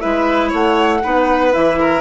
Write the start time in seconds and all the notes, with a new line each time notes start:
0.00 G#3 E4 B4 E5
0.49 A3 C#5 F#5
1.03 B3 D#4 B4
1.52 E3 E4 E5
1.80 A#4